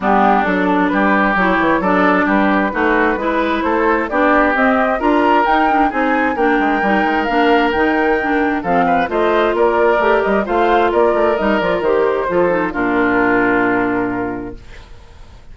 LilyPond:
<<
  \new Staff \with { instrumentName = "flute" } { \time 4/4 \tempo 4 = 132 g'4 a'4 b'4 cis''4 | d''4 b'2. | c''4 d''4 dis''4 ais''4 | g''4 gis''4 g''2 |
f''4 g''2 f''4 | dis''4 d''4. dis''8 f''4 | d''4 dis''8 d''8 c''2 | ais'1 | }
  \new Staff \with { instrumentName = "oboe" } { \time 4/4 d'2 g'2 | a'4 g'4 fis'4 b'4 | a'4 g'2 ais'4~ | ais'4 gis'4 ais'2~ |
ais'2. a'8 b'8 | c''4 ais'2 c''4 | ais'2. a'4 | f'1 | }
  \new Staff \with { instrumentName = "clarinet" } { \time 4/4 b4 d'2 e'4 | d'2 dis'4 e'4~ | e'4 d'4 c'4 f'4 | dis'8 d'8 dis'4 d'4 dis'4 |
d'4 dis'4 d'4 c'4 | f'2 g'4 f'4~ | f'4 dis'8 f'8 g'4 f'8 dis'8 | d'1 | }
  \new Staff \with { instrumentName = "bassoon" } { \time 4/4 g4 fis4 g4 fis8 e8 | fis4 g4 a4 gis4 | a4 b4 c'4 d'4 | dis'4 c'4 ais8 gis8 g8 gis8 |
ais4 dis2 f4 | a4 ais4 a8 g8 a4 | ais8 a8 g8 f8 dis4 f4 | ais,1 | }
>>